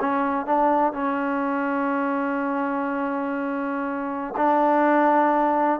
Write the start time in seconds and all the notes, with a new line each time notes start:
0.00 C#4
0.46 D4
0.93 C#4
4.36 D4